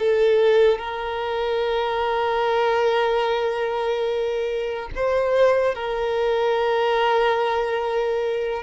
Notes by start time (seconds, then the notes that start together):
0.00 A4
0.79 A#4
4.96 C5
5.75 A#4